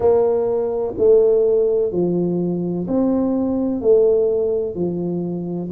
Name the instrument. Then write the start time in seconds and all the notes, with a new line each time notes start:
tuba
0.00 A#3
0.97 A3
1.91 F3
2.87 C4
3.81 A3
4.74 F3